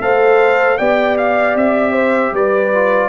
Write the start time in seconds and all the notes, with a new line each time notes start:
0.00 A3 A4 C5 F5
0.77 B3 G4 D5 G5
1.17 F5
1.55 C4 E5
1.92 C5
2.32 G3 B4 D5
2.74 F4